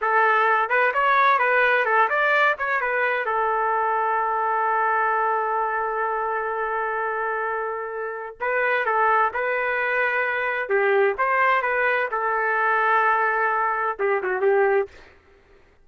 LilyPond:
\new Staff \with { instrumentName = "trumpet" } { \time 4/4 \tempo 4 = 129 a'4. b'8 cis''4 b'4 | a'8 d''4 cis''8 b'4 a'4~ | a'1~ | a'1~ |
a'2 b'4 a'4 | b'2. g'4 | c''4 b'4 a'2~ | a'2 g'8 fis'8 g'4 | }